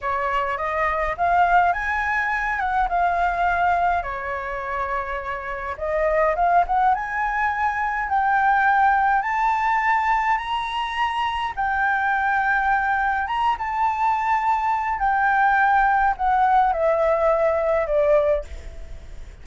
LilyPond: \new Staff \with { instrumentName = "flute" } { \time 4/4 \tempo 4 = 104 cis''4 dis''4 f''4 gis''4~ | gis''8 fis''8 f''2 cis''4~ | cis''2 dis''4 f''8 fis''8 | gis''2 g''2 |
a''2 ais''2 | g''2. ais''8 a''8~ | a''2 g''2 | fis''4 e''2 d''4 | }